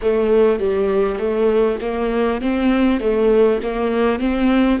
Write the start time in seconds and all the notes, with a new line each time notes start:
0.02 A3
0.59 G3
1.18 A3
1.81 A#3
2.41 C4
3.00 A3
3.63 A#3
4.19 C4